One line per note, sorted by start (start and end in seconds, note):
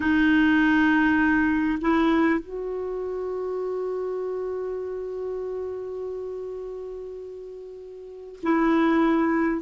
0.00 1.78 D#4
1.81 2.39 E4
2.39 8.39 F#4
8.42 9.62 E4